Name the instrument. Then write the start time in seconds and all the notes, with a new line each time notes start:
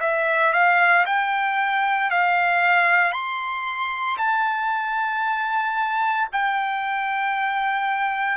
trumpet
0.00 E5
0.53 F5
1.06 G5
2.11 F5
3.12 C6
4.18 A5
6.32 G5